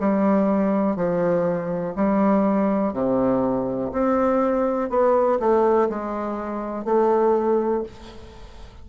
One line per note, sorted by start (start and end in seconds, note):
0.00 0.96 G3
0.96 1.94 F3
1.96 2.93 G3
2.93 3.92 C3
3.92 4.90 C4
4.90 5.39 B3
5.40 5.89 A3
5.89 6.85 G#3
6.85 7.83 A3